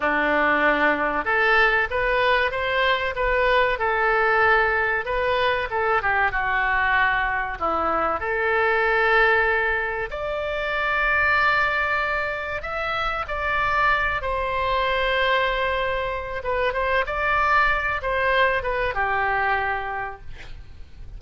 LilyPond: \new Staff \with { instrumentName = "oboe" } { \time 4/4 \tempo 4 = 95 d'2 a'4 b'4 | c''4 b'4 a'2 | b'4 a'8 g'8 fis'2 | e'4 a'2. |
d''1 | e''4 d''4. c''4.~ | c''2 b'8 c''8 d''4~ | d''8 c''4 b'8 g'2 | }